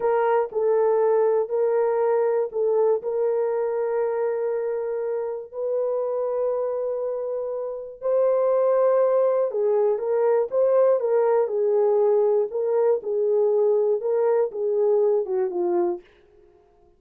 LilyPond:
\new Staff \with { instrumentName = "horn" } { \time 4/4 \tempo 4 = 120 ais'4 a'2 ais'4~ | ais'4 a'4 ais'2~ | ais'2. b'4~ | b'1 |
c''2. gis'4 | ais'4 c''4 ais'4 gis'4~ | gis'4 ais'4 gis'2 | ais'4 gis'4. fis'8 f'4 | }